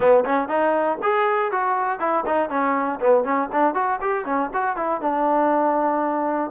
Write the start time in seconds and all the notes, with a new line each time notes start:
0.00 B3
0.25 C#4
0.48 D#4
1.02 G#4
1.51 F#4
1.99 E4
2.25 D#4
2.49 C#4
3.00 B3
3.24 C#4
3.52 D4
3.74 F#4
4.01 G4
4.25 C#4
4.53 F#4
4.76 E4
5.01 D4